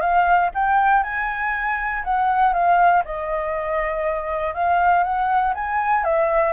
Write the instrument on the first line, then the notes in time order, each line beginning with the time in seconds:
flute
0.00 F5
0.54 G5
1.03 G#5
2.04 F#5
2.53 F5
3.05 D#5
4.54 F5
5.03 F#5
5.54 G#5
6.04 E5